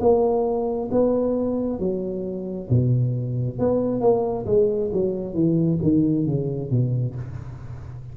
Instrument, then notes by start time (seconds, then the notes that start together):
tuba
0.00 A#3
0.92 B3
1.80 F#3
2.70 B2
3.59 B3
4.01 A#3
4.47 G#3
4.93 F#3
5.34 E3
5.83 D#3
6.27 C#3
6.71 B2